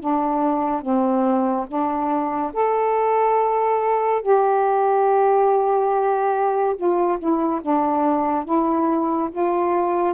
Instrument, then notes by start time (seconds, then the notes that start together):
saxophone
0.00 D4
0.82 C4
1.68 D4
2.54 A4
4.22 G4
6.76 F4
7.19 E4
7.62 D4
8.45 E4
9.31 F4